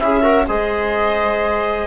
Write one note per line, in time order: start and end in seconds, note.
0.00 0.48 C#4
0.00 0.24 E4
0.00 0.23 G#4
0.00 0.47 E5
0.23 0.47 F#4
0.23 0.46 A#4
0.48 1.87 G#3
0.48 1.87 G#4
0.48 1.87 C5
0.48 1.87 D#5